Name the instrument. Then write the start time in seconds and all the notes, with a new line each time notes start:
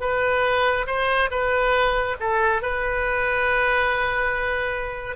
oboe
0.00 B4
0.87 C5
1.31 B4
2.20 A4
2.62 B4